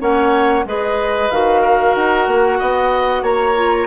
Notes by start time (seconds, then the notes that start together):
0.00 A#3 C#4 C#5 F#5
0.65 G#3 G#4 B4 D#5
1.31 D#3 F#4 F5
1.62 A#4
1.95 D#4 F#5
2.27 A#3
2.59 B3 D#5
3.23 A#3 C#5 A#5
3.56 F4